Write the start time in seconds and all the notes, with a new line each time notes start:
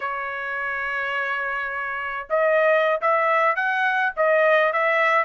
0.00 C#5
2.29 D#5
3.01 E5
3.55 F#5
4.16 D#5
4.72 E5